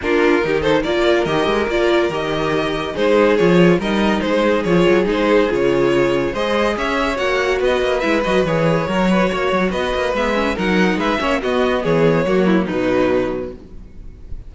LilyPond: <<
  \new Staff \with { instrumentName = "violin" } { \time 4/4 \tempo 4 = 142 ais'4. c''8 d''4 dis''4 | d''4 dis''2 c''4 | cis''4 dis''4 c''4 cis''4 | c''4 cis''2 dis''4 |
e''4 fis''4 dis''4 e''8 dis''8 | cis''2. dis''4 | e''4 fis''4 e''4 dis''4 | cis''2 b'2 | }
  \new Staff \with { instrumentName = "violin" } { \time 4/4 f'4 g'8 a'8 ais'2~ | ais'2. gis'4~ | gis'4 ais'4 gis'2~ | gis'2. c''4 |
cis''2 b'2~ | b'4 ais'8 b'8 cis''4 b'4~ | b'4 ais'4 b'8 cis''8 fis'4 | gis'4 fis'8 e'8 dis'2 | }
  \new Staff \with { instrumentName = "viola" } { \time 4/4 d'4 dis'4 f'4 g'4 | f'4 g'2 dis'4 | f'4 dis'2 f'4 | dis'4 f'2 gis'4~ |
gis'4 fis'2 e'8 fis'8 | gis'4 fis'2. | b8 cis'8 dis'4. cis'8 b4~ | b4 ais4 fis2 | }
  \new Staff \with { instrumentName = "cello" } { \time 4/4 ais4 dis4 ais4 dis8 gis8 | ais4 dis2 gis4 | f4 g4 gis4 f8 fis8 | gis4 cis2 gis4 |
cis'4 ais4 b8 ais8 gis8 fis8 | e4 fis4 ais8 fis8 b8 ais8 | gis4 fis4 gis8 ais8 b4 | e4 fis4 b,2 | }
>>